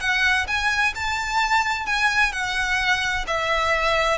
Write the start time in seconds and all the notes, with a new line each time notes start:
0.00 F#5
0.47 G#5
0.95 A5
1.86 G#5
2.32 F#5
3.27 E5